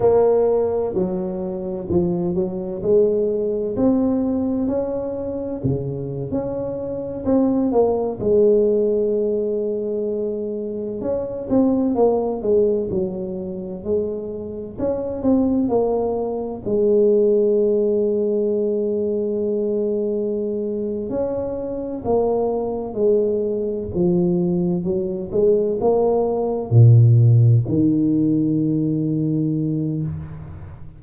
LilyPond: \new Staff \with { instrumentName = "tuba" } { \time 4/4 \tempo 4 = 64 ais4 fis4 f8 fis8 gis4 | c'4 cis'4 cis8. cis'4 c'16~ | c'16 ais8 gis2. cis'16~ | cis'16 c'8 ais8 gis8 fis4 gis4 cis'16~ |
cis'16 c'8 ais4 gis2~ gis16~ | gis2~ gis8 cis'4 ais8~ | ais8 gis4 f4 fis8 gis8 ais8~ | ais8 ais,4 dis2~ dis8 | }